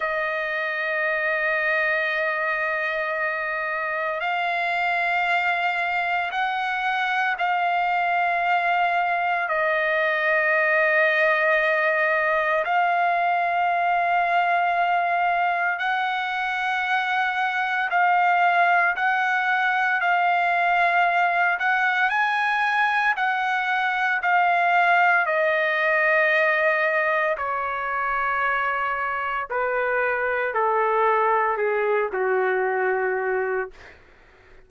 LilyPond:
\new Staff \with { instrumentName = "trumpet" } { \time 4/4 \tempo 4 = 57 dis''1 | f''2 fis''4 f''4~ | f''4 dis''2. | f''2. fis''4~ |
fis''4 f''4 fis''4 f''4~ | f''8 fis''8 gis''4 fis''4 f''4 | dis''2 cis''2 | b'4 a'4 gis'8 fis'4. | }